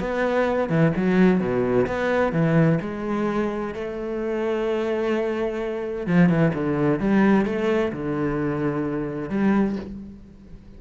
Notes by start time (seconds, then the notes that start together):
0.00 B3
0.70 E3
0.97 F#3
1.40 B2
1.87 B3
2.33 E3
2.82 G#3
3.75 A3
6.07 F3
6.29 E3
6.55 D3
7.00 G3
7.46 A3
7.93 D3
9.30 G3